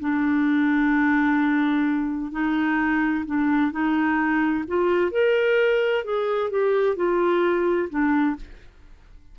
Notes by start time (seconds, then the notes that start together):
0.00 D4
2.32 D#4
3.26 D4
3.72 D#4
4.68 F4
5.11 A#4
6.05 G#4
6.51 G4
6.96 F4
7.90 D4